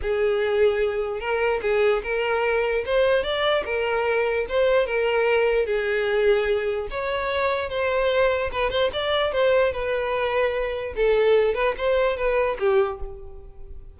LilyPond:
\new Staff \with { instrumentName = "violin" } { \time 4/4 \tempo 4 = 148 gis'2. ais'4 | gis'4 ais'2 c''4 | d''4 ais'2 c''4 | ais'2 gis'2~ |
gis'4 cis''2 c''4~ | c''4 b'8 c''8 d''4 c''4 | b'2. a'4~ | a'8 b'8 c''4 b'4 g'4 | }